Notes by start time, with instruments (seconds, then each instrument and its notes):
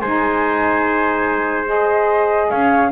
0.00 double bass G#3, saxophone D#4, trumpet C5, flute G#5
1.65 saxophone G#4, flute D#5
2.49 double bass C#4, trumpet C#5, flute F5